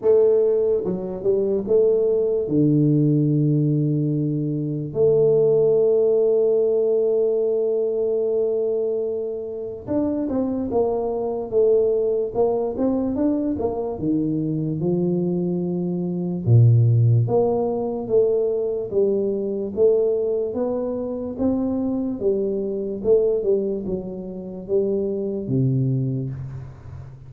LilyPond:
\new Staff \with { instrumentName = "tuba" } { \time 4/4 \tempo 4 = 73 a4 fis8 g8 a4 d4~ | d2 a2~ | a1 | d'8 c'8 ais4 a4 ais8 c'8 |
d'8 ais8 dis4 f2 | ais,4 ais4 a4 g4 | a4 b4 c'4 g4 | a8 g8 fis4 g4 c4 | }